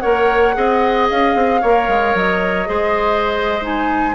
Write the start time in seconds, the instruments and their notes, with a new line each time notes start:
0.00 bassoon A#3, clarinet A#4, oboe C#5, flute F#5
0.54 bassoon C4, clarinet G#4, oboe D#5
1.10 bassoon C#4, flute F5
1.35 bassoon C4
1.62 bassoon A#3, clarinet A#4, oboe C#5
1.88 bassoon G#3
2.15 bassoon F#3, flute D#5
2.66 bassoon G#3, clarinet G#4, oboe C5
3.61 clarinet D#4, flute G#5